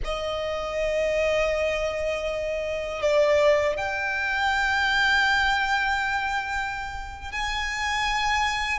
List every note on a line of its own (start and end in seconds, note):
0.04 3.01 D#5
3.01 3.76 D5
3.77 7.31 G5
7.31 8.79 G#5